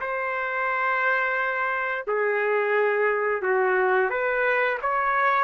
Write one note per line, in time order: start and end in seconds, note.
0.00 2.05 C5
2.07 3.42 G#4
3.42 4.10 F#4
4.10 4.78 B4
4.82 5.44 C#5